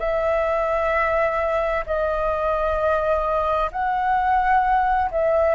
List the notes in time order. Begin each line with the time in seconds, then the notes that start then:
0.00 E5
1.87 D#5
3.73 F#5
5.11 E5